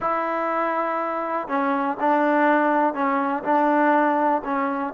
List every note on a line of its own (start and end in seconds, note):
0.00 1.48 E4
1.48 1.97 C#4
2.00 2.94 D4
2.94 3.43 C#4
3.43 4.42 D4
4.44 4.93 C#4